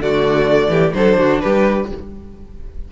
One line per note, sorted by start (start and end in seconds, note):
0.00 0.68 D3
0.00 0.95 A3
0.00 0.70 F#4
0.00 0.94 D5
0.68 0.92 E3
0.68 0.94 G4
0.94 1.18 F#3
0.94 1.88 D4
0.94 1.19 A4
0.94 1.41 C5
1.18 1.41 D3
1.18 1.42 F#4
1.41 1.92 G3
1.41 1.90 G4
1.41 1.88 B4